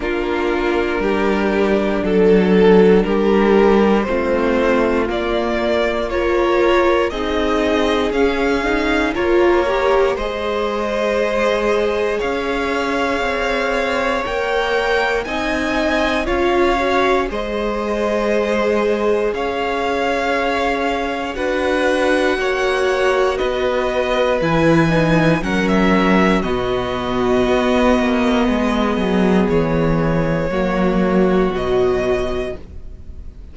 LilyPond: <<
  \new Staff \with { instrumentName = "violin" } { \time 4/4 \tempo 4 = 59 ais'2 a'4 ais'4 | c''4 d''4 cis''4 dis''4 | f''4 cis''4 dis''2 | f''2 g''4 gis''4 |
f''4 dis''2 f''4~ | f''4 fis''2 dis''4 | gis''4 fis''16 e''8. dis''2~ | dis''4 cis''2 dis''4 | }
  \new Staff \with { instrumentName = "violin" } { \time 4/4 f'4 g'4 a'4 g'4 | f'2 ais'4 gis'4~ | gis'4 ais'4 c''2 | cis''2. dis''4 |
cis''4 c''2 cis''4~ | cis''4 b'4 cis''4 b'4~ | b'4 ais'4 fis'2 | gis'2 fis'2 | }
  \new Staff \with { instrumentName = "viola" } { \time 4/4 d'1 | c'4 ais4 f'4 dis'4 | cis'8 dis'8 f'8 g'8 gis'2~ | gis'2 ais'4 dis'4 |
f'8 fis'8 gis'2.~ | gis'4 fis'2. | e'8 dis'8 cis'4 b2~ | b2 ais4 fis4 | }
  \new Staff \with { instrumentName = "cello" } { \time 4/4 ais4 g4 fis4 g4 | a4 ais2 c'4 | cis'4 ais4 gis2 | cis'4 c'4 ais4 c'4 |
cis'4 gis2 cis'4~ | cis'4 d'4 ais4 b4 | e4 fis4 b,4 b8 ais8 | gis8 fis8 e4 fis4 b,4 | }
>>